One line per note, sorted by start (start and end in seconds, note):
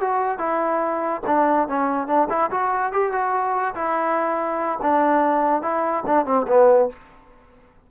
0.00 0.38 F#4
0.38 1.21 E4
1.26 1.68 D4
1.68 2.07 C#4
2.07 2.28 D4
2.29 2.50 E4
2.51 2.92 F#4
2.92 3.12 G4
3.12 3.74 F#4
3.74 4.79 E4
4.82 5.62 D4
5.62 6.04 E4
6.06 6.25 D4
6.25 6.46 C4
6.47 6.89 B3